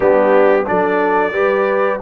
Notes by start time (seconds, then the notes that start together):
0.00 G3 B3 D4 G4
0.65 F#3 D4 A4 D5
1.32 G3 G4 B4